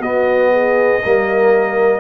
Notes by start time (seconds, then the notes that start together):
0.00 B3 F#4 D#5
0.52 G#4
1.02 G3 A#3 A#4